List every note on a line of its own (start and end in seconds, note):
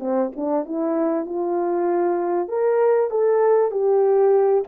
0.00 0.31 C4
0.36 0.65 D4
0.65 1.26 E4
1.26 2.49 F4
2.49 3.10 A#4
3.11 3.71 A4
3.71 4.64 G4